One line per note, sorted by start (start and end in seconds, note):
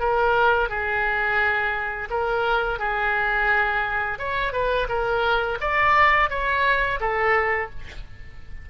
0.00 0.69 A#4
0.69 2.09 G#4
2.10 2.79 A#4
2.79 4.19 G#4
4.19 4.53 C#5
4.53 4.88 B4
4.89 5.58 A#4
5.61 6.30 D5
6.30 7.00 C#5
7.00 7.70 A4